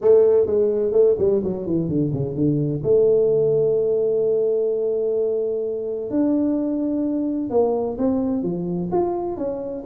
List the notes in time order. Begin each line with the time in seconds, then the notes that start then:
0.01 A3
0.46 G#3
0.92 A3
1.18 G3
1.43 F#3
1.66 E3
1.88 D3
2.13 C#3
2.35 D3
2.83 A3
6.10 D4
7.49 A#3
7.98 C4
8.42 F3
8.91 F4
9.37 C#4